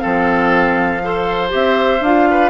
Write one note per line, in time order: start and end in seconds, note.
0.00 1.54 F3
0.00 1.00 C4
0.00 1.02 A4
0.00 1.50 F5
1.03 1.49 A4
1.03 2.29 C5
1.49 2.01 C4
1.49 1.99 G4
1.49 2.03 E5
2.01 2.50 D4
2.01 2.50 F4
2.01 2.50 F5
2.30 2.50 B4